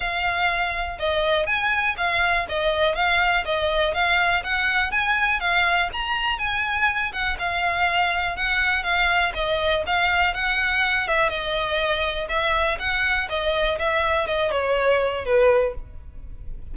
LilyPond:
\new Staff \with { instrumentName = "violin" } { \time 4/4 \tempo 4 = 122 f''2 dis''4 gis''4 | f''4 dis''4 f''4 dis''4 | f''4 fis''4 gis''4 f''4 | ais''4 gis''4. fis''8 f''4~ |
f''4 fis''4 f''4 dis''4 | f''4 fis''4. e''8 dis''4~ | dis''4 e''4 fis''4 dis''4 | e''4 dis''8 cis''4. b'4 | }